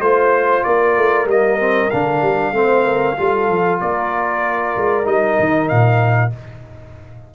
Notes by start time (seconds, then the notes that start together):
0.00 A3 F4 C5
0.64 A#3 A#4 D5
0.97 A3
1.25 G3 A#3 D#5
1.59 C4
1.90 D3 D4 F5
2.22 G3
2.52 A3 C4 C5
2.85 A#4
3.17 G3 F4 A4
3.49 F3
3.81 A#3 A#4 D5
4.76 G#3
5.04 G3 D#4 D#5
5.39 D#3
5.68 A#2 F5